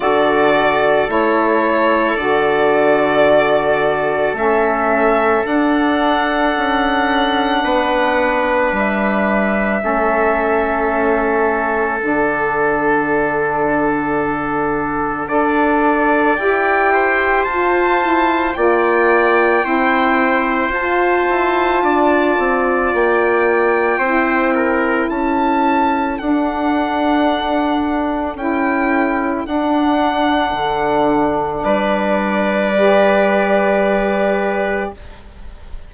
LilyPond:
<<
  \new Staff \with { instrumentName = "violin" } { \time 4/4 \tempo 4 = 55 d''4 cis''4 d''2 | e''4 fis''2. | e''2. fis''4~ | fis''2. g''4 |
a''4 g''2 a''4~ | a''4 g''2 a''4 | fis''2 g''4 fis''4~ | fis''4 d''2. | }
  \new Staff \with { instrumentName = "trumpet" } { \time 4/4 a'1~ | a'2. b'4~ | b'4 a'2.~ | a'2 d''4. c''8~ |
c''4 d''4 c''2 | d''2 c''8 ais'8 a'4~ | a'1~ | a'4 b'2. | }
  \new Staff \with { instrumentName = "saxophone" } { \time 4/4 fis'4 e'4 fis'2 | cis'4 d'2.~ | d'4 cis'2 d'4~ | d'2 a'4 g'4 |
f'8 e'8 f'4 e'4 f'4~ | f'2 e'2 | d'2 e'4 d'4~ | d'2 g'2 | }
  \new Staff \with { instrumentName = "bassoon" } { \time 4/4 d4 a4 d2 | a4 d'4 cis'4 b4 | g4 a2 d4~ | d2 d'4 e'4 |
f'4 ais4 c'4 f'8 e'8 | d'8 c'8 ais4 c'4 cis'4 | d'2 cis'4 d'4 | d4 g2. | }
>>